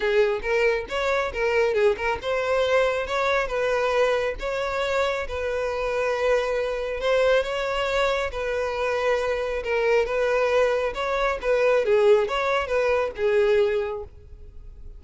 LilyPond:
\new Staff \with { instrumentName = "violin" } { \time 4/4 \tempo 4 = 137 gis'4 ais'4 cis''4 ais'4 | gis'8 ais'8 c''2 cis''4 | b'2 cis''2 | b'1 |
c''4 cis''2 b'4~ | b'2 ais'4 b'4~ | b'4 cis''4 b'4 gis'4 | cis''4 b'4 gis'2 | }